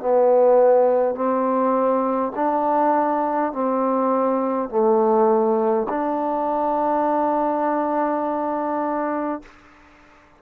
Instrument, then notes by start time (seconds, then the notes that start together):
trombone
0.00 B3
1.16 C4
2.36 D4
3.53 C4
4.70 A3
5.90 D4